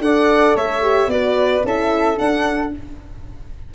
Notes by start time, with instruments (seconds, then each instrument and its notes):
0.00 tuba D4, horn A4, flute D5, violin F#5
0.55 tuba A3, flute C#5, violin E5
0.82 horn G4
1.07 tuba B3, horn F#4, flute B4, violin D5
1.64 tuba C#4, horn E4, flute A4, violin E5
2.17 horn D4, tuba D4, violin F#5